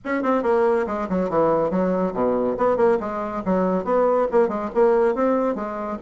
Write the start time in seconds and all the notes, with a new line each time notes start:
0.04 C#4
0.22 C4
0.43 A#3
0.86 G#3
1.09 F#3
1.29 E3
1.70 F#3
2.13 B2
2.57 B3
2.76 A#3
3.00 G#3
3.45 F#3
3.84 B3
4.31 A#3
4.48 G#3
4.74 A#3
5.14 C4
5.55 G#3